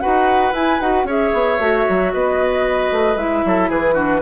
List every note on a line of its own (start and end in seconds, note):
0.00 0.52 D#4
0.00 0.53 F#4
0.00 1.06 B4
0.00 0.53 F#5
0.52 0.79 E4
0.52 0.81 E4
0.52 0.80 G#5
0.80 1.04 D#4
0.80 1.07 F#4
0.80 1.07 F#5
1.04 1.30 C#4
1.04 1.59 G#4
1.04 2.12 C#5
1.04 2.14 E5
1.33 1.59 B3
1.59 1.85 A3
1.59 3.17 F#4
1.89 2.13 F#3
2.13 2.91 B3
2.13 3.45 B4
2.13 3.17 D#5
2.91 3.16 A3
3.16 3.42 G#3
3.16 3.94 E4
3.16 3.70 E5
3.45 3.70 F#3
3.45 3.69 A4
3.69 4.22 E3
3.69 3.94 G#4
3.69 4.22 B4
3.94 4.20 D4
3.94 4.20 F#4